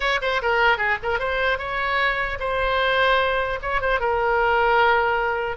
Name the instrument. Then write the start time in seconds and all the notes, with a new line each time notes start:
oboe
0.00 C#5
0.21 C5
0.41 A#4
0.77 G#4
1.02 A#4
1.19 C5
1.58 C#5
2.39 C5
3.62 C#5
3.81 C5
3.99 A#4